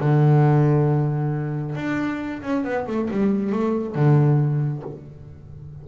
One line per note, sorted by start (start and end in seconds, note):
0.00 1.76 D3
1.76 2.42 D4
2.42 2.64 C#4
2.65 2.87 B3
2.87 3.09 A3
3.11 3.52 G3
3.52 3.95 A3
3.95 4.83 D3